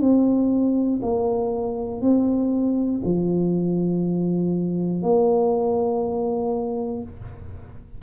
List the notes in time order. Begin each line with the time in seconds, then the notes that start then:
0.00 C4
1.02 A#3
2.01 C4
3.04 F3
5.02 A#3